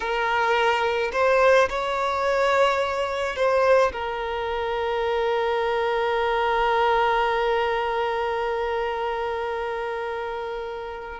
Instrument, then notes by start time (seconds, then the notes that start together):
violin
0.00 A#4
1.12 C5
1.69 C#5
3.35 C5
3.92 A#4